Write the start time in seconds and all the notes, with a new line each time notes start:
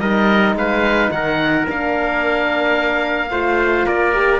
0.00 G3 D#4 A#4 D#5
0.55 G#3 B4 F5
1.11 D#3 A#4 F#5
1.68 A#3 D4 F5
3.31 A3 F4 C5
3.86 A#3 A#4 D5
4.13 G4